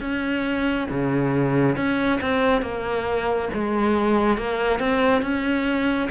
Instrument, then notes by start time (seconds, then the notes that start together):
cello
0.00 C#4
0.90 C#3
1.76 C#4
2.21 C4
2.62 A#3
3.53 G#3
4.37 A#3
4.79 C4
5.22 C#4